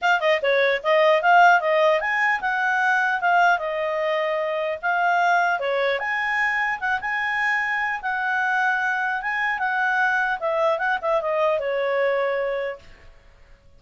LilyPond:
\new Staff \with { instrumentName = "clarinet" } { \time 4/4 \tempo 4 = 150 f''8 dis''8 cis''4 dis''4 f''4 | dis''4 gis''4 fis''2 | f''4 dis''2. | f''2 cis''4 gis''4~ |
gis''4 fis''8 gis''2~ gis''8 | fis''2. gis''4 | fis''2 e''4 fis''8 e''8 | dis''4 cis''2. | }